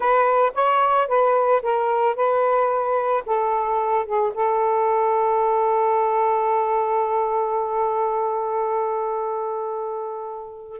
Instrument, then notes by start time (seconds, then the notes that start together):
saxophone
0.00 B4
0.54 C#5
1.07 B4
1.62 A#4
2.15 B4
3.26 A4
4.05 G#4
4.34 A4